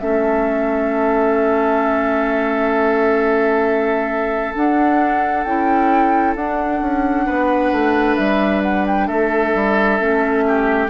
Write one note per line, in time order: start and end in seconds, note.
0.00 4.56 A3
0.00 4.55 C#4
0.00 7.26 A4
0.00 4.55 E5
4.55 5.46 D4
4.55 5.45 D4
4.55 5.44 F#5
5.44 6.36 C#4
5.44 6.37 E4
5.44 6.35 G5
6.36 6.81 D4
6.36 10.00 D4
6.36 8.17 F#5
6.81 7.27 C#4
7.26 7.72 B3
7.26 9.08 B4
7.72 8.18 A3
8.17 9.09 G3
8.17 8.62 E5
8.63 8.86 F#5
8.87 9.08 G5
9.08 9.55 A3
9.08 10.44 A4
9.08 10.90 E5
9.55 10.00 G3
10.00 10.90 A3
10.00 10.90 C#4
10.48 10.90 G4